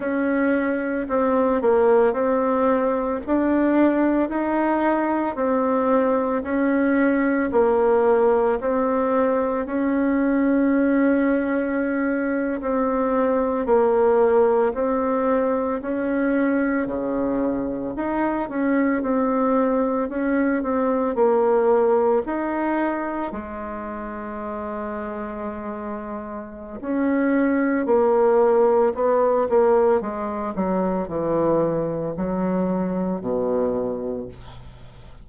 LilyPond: \new Staff \with { instrumentName = "bassoon" } { \time 4/4 \tempo 4 = 56 cis'4 c'8 ais8 c'4 d'4 | dis'4 c'4 cis'4 ais4 | c'4 cis'2~ cis'8. c'16~ | c'8. ais4 c'4 cis'4 cis16~ |
cis8. dis'8 cis'8 c'4 cis'8 c'8 ais16~ | ais8. dis'4 gis2~ gis16~ | gis4 cis'4 ais4 b8 ais8 | gis8 fis8 e4 fis4 b,4 | }